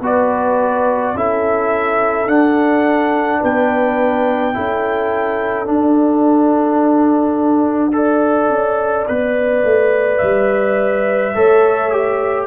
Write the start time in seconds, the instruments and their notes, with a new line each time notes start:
0.00 tuba B3, trombone F#4, horn B4, trumpet D5
1.14 tuba C#4, trombone E4, horn A4, trumpet E5
2.27 tuba D4, trombone D4, trumpet F#5
3.41 tuba B3, horn B4, trumpet G5
4.54 tuba C#4, trombone E4, horn A4
5.66 trombone D4, tuba D4, trumpet F#5
7.93 trombone A4, horn D5
8.50 tuba C#4
9.08 tuba B3, trombone B4
9.64 tuba A3
10.18 tuba G3, trumpet E5
11.35 tuba A3, trombone A4, horn C#5
11.92 trombone G4